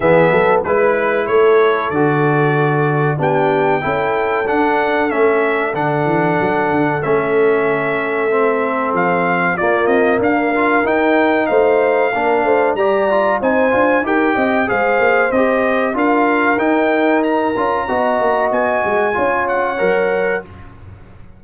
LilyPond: <<
  \new Staff \with { instrumentName = "trumpet" } { \time 4/4 \tempo 4 = 94 e''4 b'4 cis''4 d''4~ | d''4 g''2 fis''4 | e''4 fis''2 e''4~ | e''2 f''4 d''8 dis''8 |
f''4 g''4 f''2 | ais''4 gis''4 g''4 f''4 | dis''4 f''4 g''4 ais''4~ | ais''4 gis''4. fis''4. | }
  \new Staff \with { instrumentName = "horn" } { \time 4/4 gis'8 a'8 b'4 a'2~ | a'4 g'4 a'2~ | a'1~ | a'2. f'4 |
ais'2 c''4 ais'8 c''8 | d''4 c''4 ais'8 dis''8 c''4~ | c''4 ais'2. | dis''2 cis''2 | }
  \new Staff \with { instrumentName = "trombone" } { \time 4/4 b4 e'2 fis'4~ | fis'4 d'4 e'4 d'4 | cis'4 d'2 cis'4~ | cis'4 c'2 ais4~ |
ais8 f'8 dis'2 d'4 | g'8 f'8 dis'8 f'8 g'4 gis'4 | g'4 f'4 dis'4. f'8 | fis'2 f'4 ais'4 | }
  \new Staff \with { instrumentName = "tuba" } { \time 4/4 e8 fis8 gis4 a4 d4~ | d4 b4 cis'4 d'4 | a4 d8 e8 fis8 d8 a4~ | a2 f4 ais8 c'8 |
d'4 dis'4 a4 ais8 a8 | g4 c'8 d'8 dis'8 c'8 gis8 ais8 | c'4 d'4 dis'4. cis'8 | b8 ais8 b8 gis8 cis'4 fis4 | }
>>